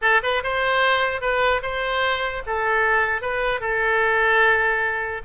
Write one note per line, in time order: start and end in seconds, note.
0.01 0.21 A4
0.22 0.42 B4
0.43 1.21 C5
1.21 1.61 B4
1.62 2.42 C5
2.46 3.21 A4
3.21 3.60 B4
3.60 5.21 A4